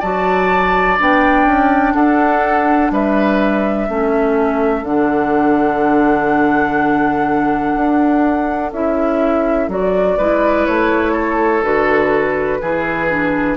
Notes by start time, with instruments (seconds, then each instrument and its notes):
0.00 bassoon F#3, clarinet F#4, oboe D5, flute A5
0.98 bassoon B3, clarinet D4, flute G5
1.46 bassoon C#4
1.94 bassoon D4, oboe A4, flute F#5
2.91 bassoon G3, oboe B4, flute E5
3.88 bassoon A3, clarinet C#4, oboe A4
4.83 bassoon D3, clarinet D4, flute F#5
7.76 bassoon D4
8.73 bassoon C#4, clarinet E4, flute E5
9.68 bassoon F#3, clarinet F#4, flute D5
10.18 bassoon G#3, clarinet E4, oboe B4
10.67 bassoon A3, flute C#5
11.12 oboe A4
11.63 bassoon D3, clarinet F#4, flute B4
12.61 bassoon E3, clarinet E4, oboe G#4
13.10 clarinet D4